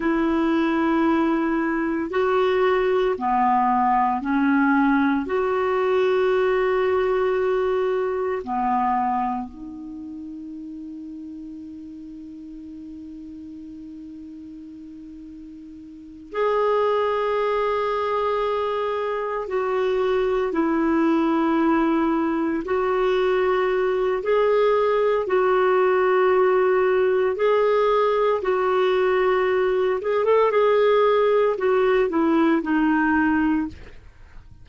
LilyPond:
\new Staff \with { instrumentName = "clarinet" } { \time 4/4 \tempo 4 = 57 e'2 fis'4 b4 | cis'4 fis'2. | b4 dis'2.~ | dis'2.~ dis'8 gis'8~ |
gis'2~ gis'8 fis'4 e'8~ | e'4. fis'4. gis'4 | fis'2 gis'4 fis'4~ | fis'8 gis'16 a'16 gis'4 fis'8 e'8 dis'4 | }